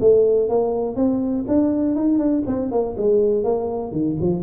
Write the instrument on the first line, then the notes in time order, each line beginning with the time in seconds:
tuba
0.00 A3
0.49 A#3
0.96 C4
1.48 D4
1.95 D#4
2.18 D4
2.47 C4
2.71 A#3
2.97 G#3
3.44 A#3
3.92 D#3
4.20 F3